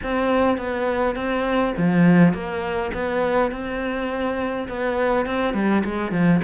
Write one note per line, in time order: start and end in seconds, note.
0.03 0.57 C4
0.57 1.15 B3
1.15 1.73 C4
1.77 2.33 F3
2.33 2.91 A#3
2.93 3.51 B3
3.51 4.68 C4
4.68 5.26 B3
5.26 5.53 C4
5.53 5.83 G3
5.85 6.11 G#3
6.11 6.40 F3